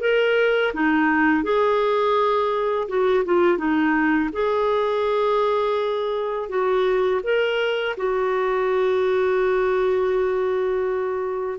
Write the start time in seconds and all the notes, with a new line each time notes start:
0.00 A#4
0.73 D#4
1.43 G#4
2.88 F#4
3.24 F4
3.57 D#4
4.32 G#4
6.48 F#4
7.23 A#4
7.97 F#4